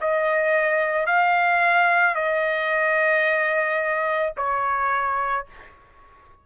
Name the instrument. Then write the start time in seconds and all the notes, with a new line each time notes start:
trumpet
0.00 D#5
1.06 F5
2.15 D#5
4.37 C#5